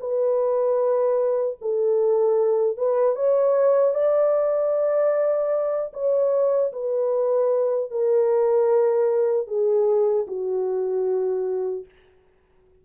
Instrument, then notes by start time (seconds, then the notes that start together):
horn
0.00 B4
1.61 A4
2.77 B4
3.16 C#5
3.95 D5
5.93 C#5
6.72 B4
7.91 A#4
9.48 G#4
10.27 F#4